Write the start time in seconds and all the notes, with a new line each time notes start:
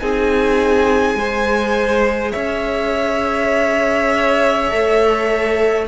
0.00 C4 D#4 G#4 G#5
1.15 G#3 G#4 C5
2.32 C#4 C#5 E5
4.71 A3 A4